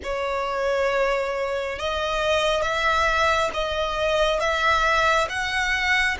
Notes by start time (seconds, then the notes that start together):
0.03 C#5
1.78 D#5
2.62 E5
3.53 D#5
4.40 E5
5.29 F#5